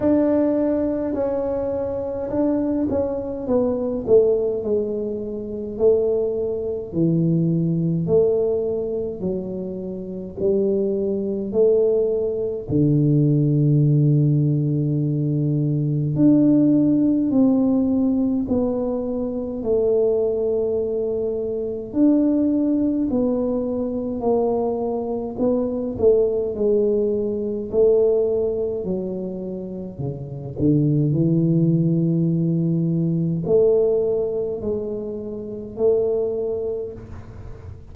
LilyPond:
\new Staff \with { instrumentName = "tuba" } { \time 4/4 \tempo 4 = 52 d'4 cis'4 d'8 cis'8 b8 a8 | gis4 a4 e4 a4 | fis4 g4 a4 d4~ | d2 d'4 c'4 |
b4 a2 d'4 | b4 ais4 b8 a8 gis4 | a4 fis4 cis8 d8 e4~ | e4 a4 gis4 a4 | }